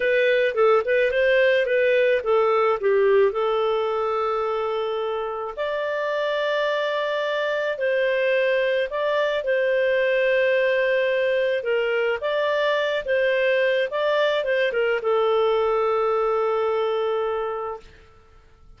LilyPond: \new Staff \with { instrumentName = "clarinet" } { \time 4/4 \tempo 4 = 108 b'4 a'8 b'8 c''4 b'4 | a'4 g'4 a'2~ | a'2 d''2~ | d''2 c''2 |
d''4 c''2.~ | c''4 ais'4 d''4. c''8~ | c''4 d''4 c''8 ais'8 a'4~ | a'1 | }